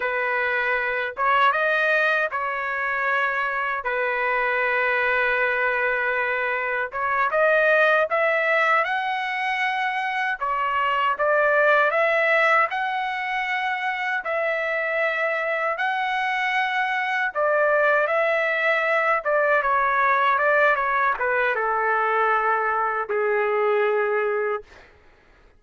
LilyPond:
\new Staff \with { instrumentName = "trumpet" } { \time 4/4 \tempo 4 = 78 b'4. cis''8 dis''4 cis''4~ | cis''4 b'2.~ | b'4 cis''8 dis''4 e''4 fis''8~ | fis''4. cis''4 d''4 e''8~ |
e''8 fis''2 e''4.~ | e''8 fis''2 d''4 e''8~ | e''4 d''8 cis''4 d''8 cis''8 b'8 | a'2 gis'2 | }